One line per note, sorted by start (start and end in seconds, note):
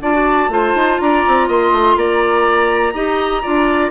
0.00 0.48 D4
0.00 0.12 F4
0.00 0.50 D5
0.00 0.99 A5
0.12 0.49 F#4
0.48 0.73 A3
0.48 2.93 F4
0.48 1.01 C5
0.74 0.99 D#4
0.99 1.24 D4
0.99 1.47 D5
0.99 1.48 A#5
1.27 1.48 C4
1.47 1.71 A#3
1.47 1.96 D#5
1.47 1.98 C6
1.71 1.96 A3
1.96 2.93 A#3
1.96 2.93 D5
1.96 3.90 A#5
2.93 3.42 D#4
2.93 3.42 G4
2.93 3.42 D#5
3.42 3.90 D4
3.42 3.90 F4
3.42 3.90 D5